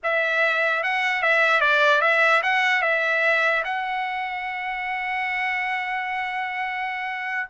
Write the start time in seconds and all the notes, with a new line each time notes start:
0.03 E5
0.83 F#5
1.22 E5
1.60 D5
2.01 E5
2.42 F#5
2.82 E5
3.64 F#5